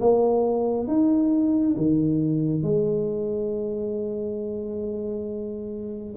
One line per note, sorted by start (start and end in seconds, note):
0.00 0.87 A#3
0.87 1.75 D#4
1.76 2.62 D#3
2.62 6.15 G#3